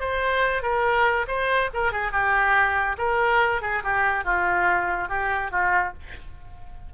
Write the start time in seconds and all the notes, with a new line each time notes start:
0.00 C5
0.62 A#4
1.27 C5
1.73 A#4
1.92 G#4
2.11 G4
2.98 A#4
3.61 G#4
3.83 G4
4.24 F4
5.09 G4
5.51 F4